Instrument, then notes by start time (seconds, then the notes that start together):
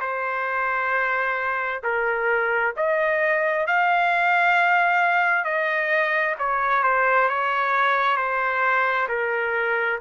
trumpet
0.00 C5
1.83 A#4
2.76 D#5
3.67 F5
5.44 D#5
6.38 C#5
6.83 C5
7.28 C#5
8.17 C5
9.08 A#4